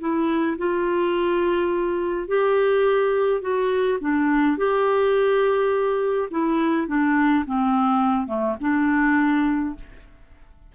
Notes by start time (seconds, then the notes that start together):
0.00 E4
0.58 F4
2.28 G4
3.42 F#4
4.01 D4
4.58 G4
6.31 E4
6.88 D4
7.46 C4
8.27 A3
8.61 D4